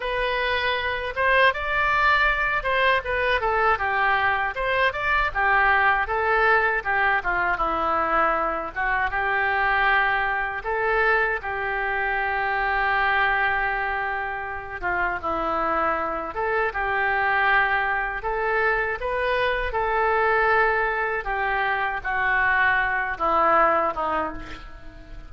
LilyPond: \new Staff \with { instrumentName = "oboe" } { \time 4/4 \tempo 4 = 79 b'4. c''8 d''4. c''8 | b'8 a'8 g'4 c''8 d''8 g'4 | a'4 g'8 f'8 e'4. fis'8 | g'2 a'4 g'4~ |
g'2.~ g'8 f'8 | e'4. a'8 g'2 | a'4 b'4 a'2 | g'4 fis'4. e'4 dis'8 | }